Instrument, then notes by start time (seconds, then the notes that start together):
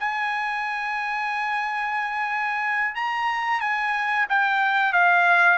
trumpet
0.00 G#5
2.96 A#5
3.61 G#5
4.29 G5
4.93 F5